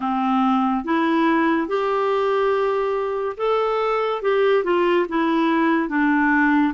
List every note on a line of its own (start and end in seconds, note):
0.00 0.84 C4
0.84 1.67 E4
1.67 3.36 G4
3.37 4.21 A4
4.21 4.64 G4
4.64 5.06 F4
5.08 5.88 E4
5.88 6.73 D4